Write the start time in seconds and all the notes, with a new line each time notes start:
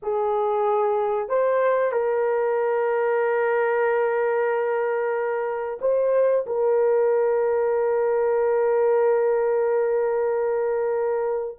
0.02 G#4
1.28 C5
1.91 A#4
5.81 C5
6.46 A#4